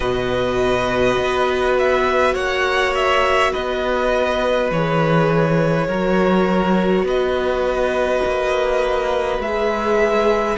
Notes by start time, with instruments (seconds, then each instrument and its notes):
0.00 cello B2, viola F#4, violin B4 D#5
1.17 cello B3
1.78 violin E5
2.34 cello A#3, violin C#5 F#5
2.94 violin E5
3.51 cello B3, violin B4 D#5
4.71 cello E3, viola G#4, violin C#5
5.87 cello F#3, viola F#4, violin A#4
7.02 cello B3, violin B4 D#5
8.25 cello A#3
9.38 cello G#3, viola G#4, violin E5